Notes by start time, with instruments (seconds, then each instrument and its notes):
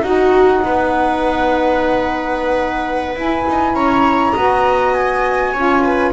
0.00 double bass D#4, saxophone D#4, viola F#4, flute F#5
0.64 double bass B3, viola B4
3.16 double bass E4, saxophone E4, flute G#5
3.48 double bass D#4
3.74 double bass C#4, viola C#5, flute A#5
4.33 double bass B3, saxophone F#4, viola D#5
4.93 flute G#5
5.53 double bass C#4, saxophone F4, viola C#5
5.84 viola B4